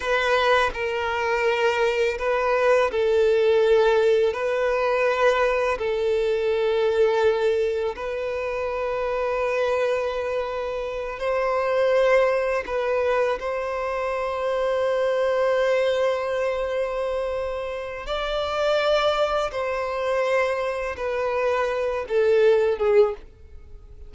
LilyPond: \new Staff \with { instrumentName = "violin" } { \time 4/4 \tempo 4 = 83 b'4 ais'2 b'4 | a'2 b'2 | a'2. b'4~ | b'2.~ b'8 c''8~ |
c''4. b'4 c''4.~ | c''1~ | c''4 d''2 c''4~ | c''4 b'4. a'4 gis'8 | }